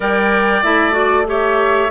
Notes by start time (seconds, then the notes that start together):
0.00 G3 A#4 D5 G5
0.63 A3 E4 E5
0.91 F#4 D5
1.26 G4 C#5 E5